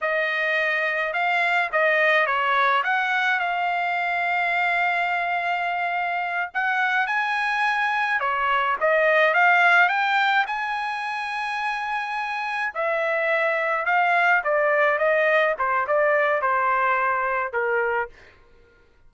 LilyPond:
\new Staff \with { instrumentName = "trumpet" } { \time 4/4 \tempo 4 = 106 dis''2 f''4 dis''4 | cis''4 fis''4 f''2~ | f''2.~ f''8 fis''8~ | fis''8 gis''2 cis''4 dis''8~ |
dis''8 f''4 g''4 gis''4.~ | gis''2~ gis''8 e''4.~ | e''8 f''4 d''4 dis''4 c''8 | d''4 c''2 ais'4 | }